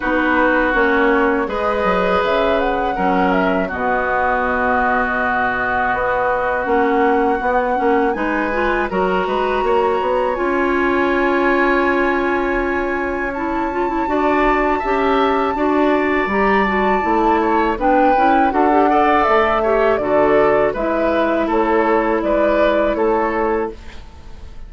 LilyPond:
<<
  \new Staff \with { instrumentName = "flute" } { \time 4/4 \tempo 4 = 81 b'4 cis''4 dis''4 e''8 fis''8~ | fis''8 e''8 dis''2.~ | dis''4 fis''2 gis''4 | ais''2 gis''2~ |
gis''2 a''2~ | a''2 ais''8 a''4. | g''4 fis''4 e''4 d''4 | e''4 cis''4 d''4 cis''4 | }
  \new Staff \with { instrumentName = "oboe" } { \time 4/4 fis'2 b'2 | ais'4 fis'2.~ | fis'2. b'4 | ais'8 b'8 cis''2.~ |
cis''2. d''4 | e''4 d''2~ d''8 cis''8 | b'4 a'8 d''4 cis''8 a'4 | b'4 a'4 b'4 a'4 | }
  \new Staff \with { instrumentName = "clarinet" } { \time 4/4 dis'4 cis'4 gis'2 | cis'4 b2.~ | b4 cis'4 b8 cis'8 dis'8 f'8 | fis'2 f'2~ |
f'2 e'8 f'16 e'16 fis'4 | g'4 fis'4 g'8 fis'8 e'4 | d'8 e'8 fis'16 g'16 a'4 g'8 fis'4 | e'1 | }
  \new Staff \with { instrumentName = "bassoon" } { \time 4/4 b4 ais4 gis8 fis8 cis4 | fis4 b,2. | b4 ais4 b8 ais8 gis4 | fis8 gis8 ais8 b8 cis'2~ |
cis'2. d'4 | cis'4 d'4 g4 a4 | b8 cis'8 d'4 a4 d4 | gis4 a4 gis4 a4 | }
>>